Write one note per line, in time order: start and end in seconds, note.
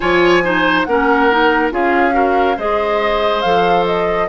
0.00 0.86 F3
0.00 0.42 F4
0.00 0.43 C#5
0.00 0.82 G#5
0.43 0.86 D#4
0.43 0.86 C5
0.84 1.71 A#3
0.84 1.31 C#4
0.84 1.73 A#4
0.84 1.69 F#5
1.31 1.70 D#4
1.70 2.57 C#4
1.70 2.11 F4
1.70 2.14 G#4
1.70 2.58 F5
2.11 2.54 F#4
2.11 2.56 A#4
2.56 3.43 G#3
2.56 3.44 G#4
2.56 4.28 C5
2.56 3.41 D#5
3.41 4.28 F3
3.41 4.28 A4
3.41 3.84 F5
3.86 4.28 D#5